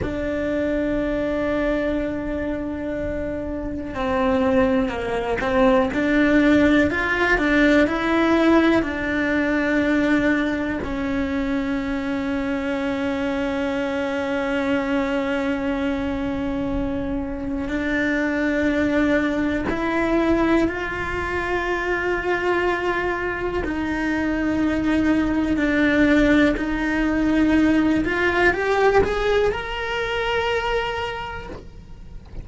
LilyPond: \new Staff \with { instrumentName = "cello" } { \time 4/4 \tempo 4 = 61 d'1 | c'4 ais8 c'8 d'4 f'8 d'8 | e'4 d'2 cis'4~ | cis'1~ |
cis'2 d'2 | e'4 f'2. | dis'2 d'4 dis'4~ | dis'8 f'8 g'8 gis'8 ais'2 | }